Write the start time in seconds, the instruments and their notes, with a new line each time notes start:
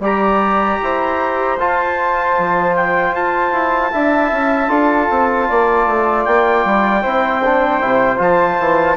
0.00 bassoon G3, trombone G4, flute D5, trumpet A#5
0.82 bassoon E4, flute C5
1.58 bassoon F4, trombone F4, trumpet A5
2.39 bassoon F3
2.76 trumpet G5
3.12 bassoon F4, trumpet A5
3.53 bassoon E4
3.92 bassoon D4, trombone E4, flute E5
4.32 bassoon C#4
4.69 bassoon D4, trombone F4, flute A4
5.10 bassoon C4
5.49 bassoon A#3, flute D5
5.87 bassoon A3
6.25 bassoon A#3, trumpet G5
6.65 bassoon G3
7.02 bassoon C4, trombone E4, flute C5
7.45 trombone D4
7.81 bassoon C3, trombone E4
8.18 bassoon F3, trombone F4, trumpet A5
8.59 bassoon E3